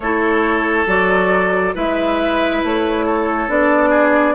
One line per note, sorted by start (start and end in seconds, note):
0.00 0.84 A3
0.00 0.87 E4
0.00 1.74 A4
0.00 0.86 C#5
0.86 1.73 F#3
0.86 1.74 F#4
0.86 1.75 D5
1.74 2.62 G#3
1.74 3.48 E4
1.74 3.05 B4
1.74 2.63 E5
2.63 3.48 A3
2.63 3.49 C#5
3.05 3.89 A4
3.48 4.34 B3
3.48 4.34 D4
3.48 4.34 D5
3.89 4.33 G#4